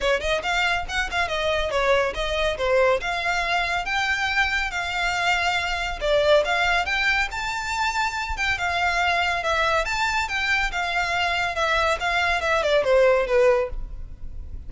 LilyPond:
\new Staff \with { instrumentName = "violin" } { \time 4/4 \tempo 4 = 140 cis''8 dis''8 f''4 fis''8 f''8 dis''4 | cis''4 dis''4 c''4 f''4~ | f''4 g''2 f''4~ | f''2 d''4 f''4 |
g''4 a''2~ a''8 g''8 | f''2 e''4 a''4 | g''4 f''2 e''4 | f''4 e''8 d''8 c''4 b'4 | }